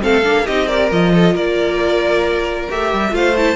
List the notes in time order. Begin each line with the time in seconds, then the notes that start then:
0.00 A3 C4 A4 F5
0.22 A#3 D4
0.45 C4 D#4 G4 D#5
0.67 G4 A#4 D5
0.91 F3 F4 D#5
1.13 A4
1.33 A#3 A#4 D5
2.68 A3 G4 E5
2.92 G3
3.10 A3 F4 C5 F5
3.36 E4 A5